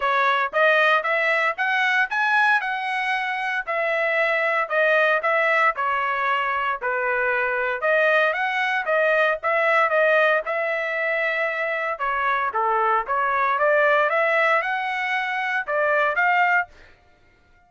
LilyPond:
\new Staff \with { instrumentName = "trumpet" } { \time 4/4 \tempo 4 = 115 cis''4 dis''4 e''4 fis''4 | gis''4 fis''2 e''4~ | e''4 dis''4 e''4 cis''4~ | cis''4 b'2 dis''4 |
fis''4 dis''4 e''4 dis''4 | e''2. cis''4 | a'4 cis''4 d''4 e''4 | fis''2 d''4 f''4 | }